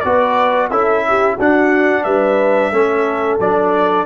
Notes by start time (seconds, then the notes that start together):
0.00 B3 F#4 B4 D5
0.70 C#4 E4 A4 E5
1.08 G4
1.34 D4 F#4
1.40 F#5
2.03 G3 B4 E5
2.71 A3 C#4 A4
3.39 F#3 D4 D5